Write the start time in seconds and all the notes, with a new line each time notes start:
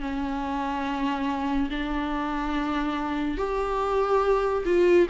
0.00 C#4
1.70 D4
3.37 G4
4.65 F4